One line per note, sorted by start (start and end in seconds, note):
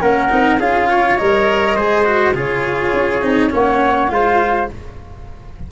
0.00 0.30 A#3
0.00 0.29 C#4
0.00 0.59 A#4
0.00 0.59 F#5
0.29 0.58 C4
0.29 0.58 D#4
0.58 1.16 C#4
0.58 1.18 F4
0.58 0.88 G#4
0.58 1.17 F5
0.90 1.75 C#5
1.17 1.76 G3
1.17 1.76 A#4
1.17 2.34 D#5
1.75 2.34 G#3
1.75 2.04 G#4
1.75 2.34 C5
2.04 2.34 F#4
2.34 2.92 C#3
2.34 3.21 F4
2.34 3.51 G#4
2.34 3.54 C#5
2.93 3.21 C#4
3.21 3.51 C4
3.21 3.50 D#4
3.50 4.10 A#3
3.50 4.07 C#4
3.50 4.12 C#5
3.50 4.11 F#5
4.07 4.68 G#3
4.07 4.65 F4
4.07 4.71 C5
4.07 4.69 F5